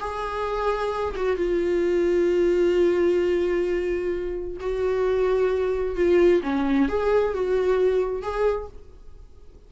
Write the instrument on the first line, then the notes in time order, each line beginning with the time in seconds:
viola
0.00 G#4
1.16 F#4
1.36 F4
4.60 F#4
5.95 F4
6.42 C#4
6.88 G#4
7.33 F#4
8.22 G#4